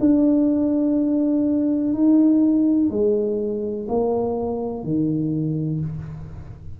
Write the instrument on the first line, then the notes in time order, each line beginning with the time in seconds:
tuba
0.00 D4
1.94 D#4
2.89 G#3
3.88 A#3
4.83 D#3